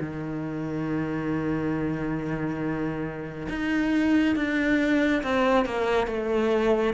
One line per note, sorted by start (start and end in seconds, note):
0.00 3.48 D#3
3.49 4.36 D#4
4.36 5.23 D4
5.23 5.65 C4
5.65 6.07 A#3
6.07 6.94 A3